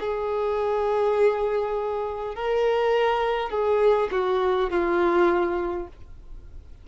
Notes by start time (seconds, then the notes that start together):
0.00 G#4
2.35 A#4
3.50 G#4
4.12 F#4
4.70 F4